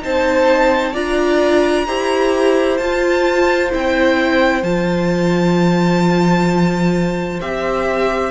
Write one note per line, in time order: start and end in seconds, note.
0.00 0.94 C4
0.00 0.92 D#4
0.00 0.92 C5
0.00 0.95 A5
0.92 1.87 D4
0.92 1.86 F4
0.92 1.85 D5
0.92 2.77 A#5
1.86 2.79 E4
1.86 2.79 G4
1.86 8.31 C5
2.77 3.71 F4
2.77 3.69 A5
3.71 4.62 C4
3.71 4.63 E4
3.71 4.63 G5
4.62 7.39 F3
4.62 7.41 F4
4.62 7.40 A5
7.41 8.31 C4
7.41 8.31 G4
7.41 8.31 E5